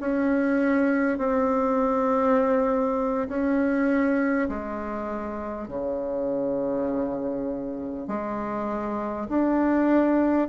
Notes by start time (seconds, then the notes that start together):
0.00 C#4
1.18 C4
3.28 C#4
4.48 G#3
5.68 C#3
8.08 G#3
9.29 D4